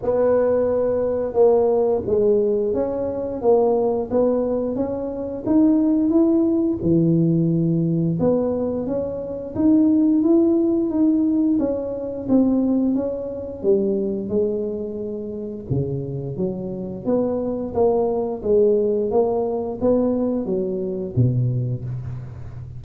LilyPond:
\new Staff \with { instrumentName = "tuba" } { \time 4/4 \tempo 4 = 88 b2 ais4 gis4 | cis'4 ais4 b4 cis'4 | dis'4 e'4 e2 | b4 cis'4 dis'4 e'4 |
dis'4 cis'4 c'4 cis'4 | g4 gis2 cis4 | fis4 b4 ais4 gis4 | ais4 b4 fis4 b,4 | }